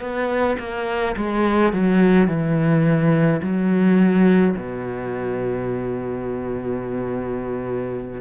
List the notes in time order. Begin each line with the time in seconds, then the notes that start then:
0.00 B3
0.59 A#3
1.16 G#3
1.72 F#3
2.27 E3
3.42 F#3
4.56 B2